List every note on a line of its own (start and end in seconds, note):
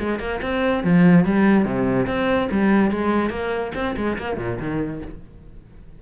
0.00 0.20 G#3
0.20 0.41 A#3
0.42 0.84 C4
0.84 1.25 F3
1.25 1.65 G3
1.65 2.07 C3
2.07 2.49 C4
2.52 2.91 G3
2.91 3.31 G#3
3.31 3.72 A#3
3.75 3.96 C4
3.97 4.18 G#3
4.19 4.38 A#3
4.38 4.59 A#2
4.60 5.02 D#3